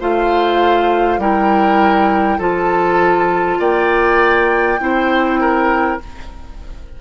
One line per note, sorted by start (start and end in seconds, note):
0.00 1.18 A3
0.00 1.20 F4
0.00 1.20 C5
0.00 1.20 F5
1.18 2.38 G3
1.18 2.39 E4
1.18 2.38 A#4
1.18 2.40 G5
2.38 3.59 F3
2.38 4.79 F4
2.38 3.58 A4
2.38 3.61 A5
3.59 4.79 A#3
3.59 4.80 D5
3.59 6.01 G5
4.79 6.00 C4
4.79 6.00 E4
4.79 5.41 C5
5.41 6.00 A#4